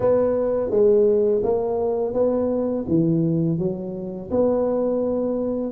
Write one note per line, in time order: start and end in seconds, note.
0.00 0.70 B3
0.70 1.42 G#3
1.43 2.13 A#3
2.13 2.85 B3
2.88 3.58 E3
3.58 4.30 F#3
4.31 5.72 B3